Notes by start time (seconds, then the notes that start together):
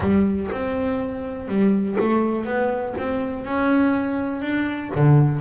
0.00 G3
0.51 C4
1.48 G3
1.99 A3
2.45 B3
2.98 C4
3.44 C#4
4.41 D4
4.95 D3